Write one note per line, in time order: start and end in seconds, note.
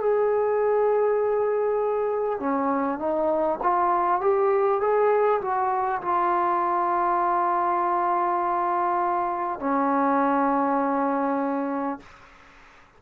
0.00 2.39 G#4
2.39 2.98 C#4
2.98 3.58 D#4
3.63 4.20 F4
4.20 4.80 G4
4.80 5.40 G#4
5.41 6.01 F#4
6.01 9.59 F4
9.59 11.99 C#4